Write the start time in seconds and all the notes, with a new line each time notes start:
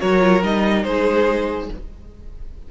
0.00 F#3 F#4 A#4 C#5
0.21 F4
0.43 G3 D#4 D#5
0.84 G#3 G#4 C5